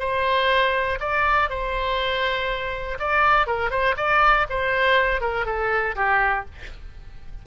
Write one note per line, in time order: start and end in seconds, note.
0.00 0.99 C5
1.01 1.50 D5
1.50 2.98 C5
3.00 3.47 D5
3.47 3.71 A#4
3.71 3.95 C5
3.97 4.47 D5
4.50 5.21 C5
5.21 5.46 A#4
5.46 5.96 A4
5.96 6.46 G4